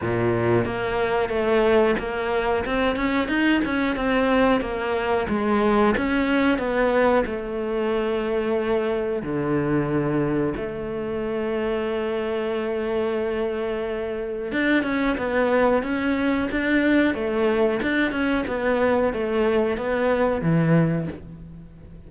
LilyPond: \new Staff \with { instrumentName = "cello" } { \time 4/4 \tempo 4 = 91 ais,4 ais4 a4 ais4 | c'8 cis'8 dis'8 cis'8 c'4 ais4 | gis4 cis'4 b4 a4~ | a2 d2 |
a1~ | a2 d'8 cis'8 b4 | cis'4 d'4 a4 d'8 cis'8 | b4 a4 b4 e4 | }